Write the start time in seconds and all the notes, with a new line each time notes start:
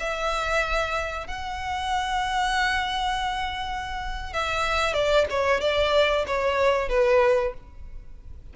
0.00 E5
1.28 F#5
4.33 E5
4.94 D5
5.30 C#5
5.61 D5
6.27 C#5
6.89 B4